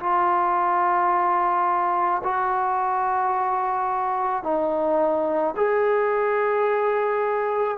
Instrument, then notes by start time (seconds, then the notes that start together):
trombone
0.00 F4
2.24 F#4
4.43 D#4
5.57 G#4